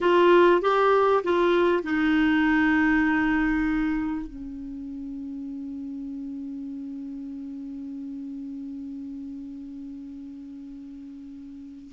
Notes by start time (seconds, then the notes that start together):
0.01 F4
0.61 G4
1.23 F4
1.83 D#4
4.26 C#4